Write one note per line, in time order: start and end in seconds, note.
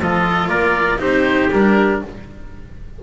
0.00 0.48 F3
0.00 0.98 F4
0.00 0.50 A4
0.00 0.49 D#5
0.48 0.98 A#3
0.48 1.00 A#4
0.48 0.99 D5
0.98 1.50 C4
0.98 1.49 D#4
0.98 2.02 G4
0.98 1.51 C5
1.51 2.02 G3
1.51 2.03 D4
1.51 2.02 A#4